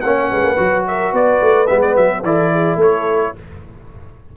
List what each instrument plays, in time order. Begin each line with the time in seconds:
0.00 tuba A#3, trombone C#4, horn C#5, trumpet F#5
0.30 tuba G#3, horn B4
0.42 tuba A#3
0.56 tuba F#3, trombone F#4
0.87 horn A#4, trumpet E5
1.12 tuba B3, horn B4, trumpet D5
1.41 tuba A3
1.66 tuba G#3, trombone B3, trumpet E5
1.81 trumpet D5
1.96 tuba F#3, trumpet E5
2.23 tuba E3, trombone E4, horn A4, trumpet D5
2.52 horn G#4
2.76 tuba A3, horn A4, trumpet C#5